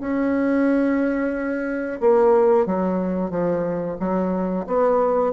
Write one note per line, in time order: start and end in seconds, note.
0.00 2.00 C#4
2.00 2.66 A#3
2.66 3.30 F#3
3.30 3.97 F3
3.99 4.66 F#3
4.66 5.32 B3